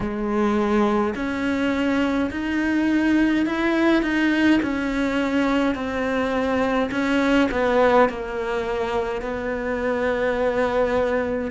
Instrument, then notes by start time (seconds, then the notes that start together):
cello
0.00 G#3
1.15 C#4
2.30 D#4
3.46 E4
4.02 D#4
4.62 C#4
5.74 C4
6.91 C#4
7.51 B3
8.09 A#3
9.21 B3